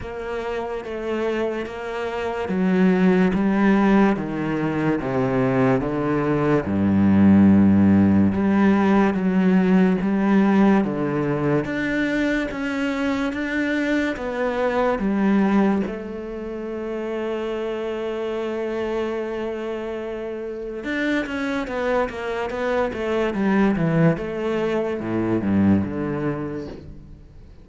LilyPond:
\new Staff \with { instrumentName = "cello" } { \time 4/4 \tempo 4 = 72 ais4 a4 ais4 fis4 | g4 dis4 c4 d4 | g,2 g4 fis4 | g4 d4 d'4 cis'4 |
d'4 b4 g4 a4~ | a1~ | a4 d'8 cis'8 b8 ais8 b8 a8 | g8 e8 a4 a,8 g,8 d4 | }